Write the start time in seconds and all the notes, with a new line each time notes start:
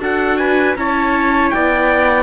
0.00 D4 F#4 A4 F#5
0.38 B4 G#5
0.76 C#4 E4 C#5 A5
1.50 B3 D5 G5